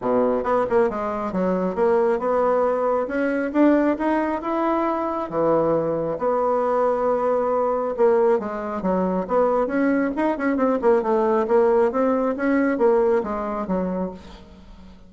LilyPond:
\new Staff \with { instrumentName = "bassoon" } { \time 4/4 \tempo 4 = 136 b,4 b8 ais8 gis4 fis4 | ais4 b2 cis'4 | d'4 dis'4 e'2 | e2 b2~ |
b2 ais4 gis4 | fis4 b4 cis'4 dis'8 cis'8 | c'8 ais8 a4 ais4 c'4 | cis'4 ais4 gis4 fis4 | }